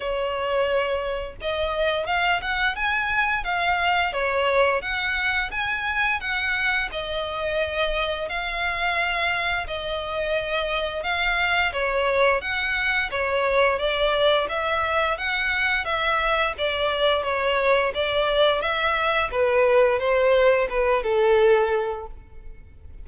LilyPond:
\new Staff \with { instrumentName = "violin" } { \time 4/4 \tempo 4 = 87 cis''2 dis''4 f''8 fis''8 | gis''4 f''4 cis''4 fis''4 | gis''4 fis''4 dis''2 | f''2 dis''2 |
f''4 cis''4 fis''4 cis''4 | d''4 e''4 fis''4 e''4 | d''4 cis''4 d''4 e''4 | b'4 c''4 b'8 a'4. | }